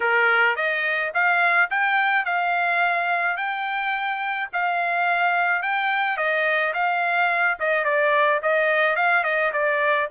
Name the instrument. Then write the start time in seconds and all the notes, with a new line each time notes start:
trumpet
0.00 A#4
0.56 D#5
1.14 F5
1.70 G5
2.25 F5
3.36 G5
4.52 F5
5.62 G5
6.17 D#5
6.73 F5
7.59 D#5
7.84 D5
8.42 D#5
8.95 F5
9.23 D#5
9.53 D5